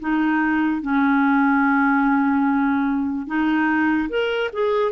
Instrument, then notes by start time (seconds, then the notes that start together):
clarinet
0.00 D#4
0.82 C#4
3.27 D#4
4.09 A#4
4.53 G#4